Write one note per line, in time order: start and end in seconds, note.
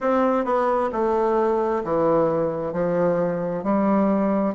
0.00 0.44 C4
0.44 0.90 B3
0.92 1.83 A3
1.83 2.72 E3
2.72 3.63 F3
3.63 4.54 G3